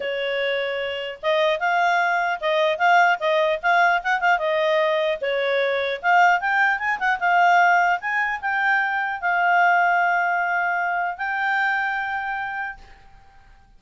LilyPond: \new Staff \with { instrumentName = "clarinet" } { \time 4/4 \tempo 4 = 150 cis''2. dis''4 | f''2 dis''4 f''4 | dis''4 f''4 fis''8 f''8 dis''4~ | dis''4 cis''2 f''4 |
g''4 gis''8 fis''8 f''2 | gis''4 g''2 f''4~ | f''1 | g''1 | }